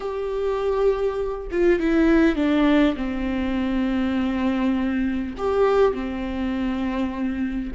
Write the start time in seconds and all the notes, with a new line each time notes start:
0.00 G4
1.51 F4
1.79 E4
2.35 D4
2.96 C4
5.37 G4
5.93 C4